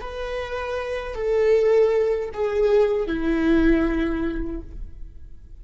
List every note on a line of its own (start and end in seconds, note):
0.00 1.14 B4
1.14 2.30 A4
2.33 3.07 G#4
3.07 4.61 E4